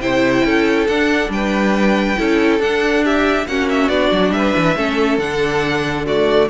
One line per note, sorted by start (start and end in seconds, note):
0.00 0.43 C3
0.00 0.87 E4
0.00 0.45 C5
0.00 0.87 G5
0.44 0.87 C#4
0.44 1.31 A4
0.87 1.29 D4
0.87 2.17 D4
0.87 1.30 F#5
1.29 2.15 G3
1.29 2.18 B4
1.29 2.61 G5
2.17 2.59 C#4
2.17 2.60 E4
2.17 3.04 A4
2.59 3.45 D4
2.59 3.46 D4
2.59 3.04 F#5
3.04 3.47 G4
3.04 3.47 E5
3.46 3.88 A#3
3.46 3.90 C#4
3.46 4.34 F#4
3.46 3.68 F#5
3.69 3.88 E5
3.88 4.10 B3
3.88 4.76 D4
3.88 4.31 D5
4.11 4.30 F#3
4.30 4.52 G3
4.30 4.77 B4
4.30 5.17 E5
4.56 4.75 E3
4.75 5.18 A3
4.75 5.19 C#4
4.75 6.05 A4
5.18 6.47 D3
5.18 6.06 D4
5.18 6.05 F#5
6.05 6.49 A3
6.05 6.48 F#4
6.05 6.49 D5